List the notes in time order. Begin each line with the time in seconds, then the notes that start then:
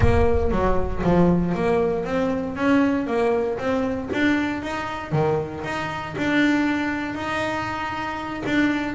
0.00 A#3
0.51 F#3
1.03 F3
1.55 A#3
2.04 C4
2.56 C#4
3.06 A#3
3.58 C4
4.13 D4
4.62 D#4
5.12 D#3
5.63 D#4
6.17 D4
7.14 D#4
8.46 D4